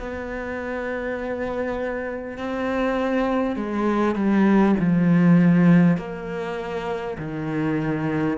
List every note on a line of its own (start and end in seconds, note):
0.00 2.38 B3
2.38 3.57 C4
3.57 4.16 G#3
4.16 4.76 G3
4.79 5.98 F3
5.98 7.18 A#3
7.18 8.38 D#3